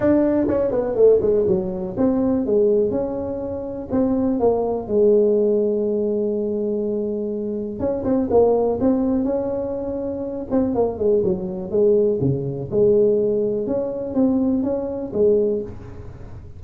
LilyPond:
\new Staff \with { instrumentName = "tuba" } { \time 4/4 \tempo 4 = 123 d'4 cis'8 b8 a8 gis8 fis4 | c'4 gis4 cis'2 | c'4 ais4 gis2~ | gis1 |
cis'8 c'8 ais4 c'4 cis'4~ | cis'4. c'8 ais8 gis8 fis4 | gis4 cis4 gis2 | cis'4 c'4 cis'4 gis4 | }